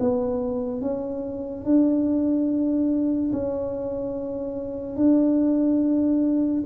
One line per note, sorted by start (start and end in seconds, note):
0.00 0.81 B3
0.81 1.65 C#4
1.65 3.31 D4
3.33 4.96 C#4
4.96 6.63 D4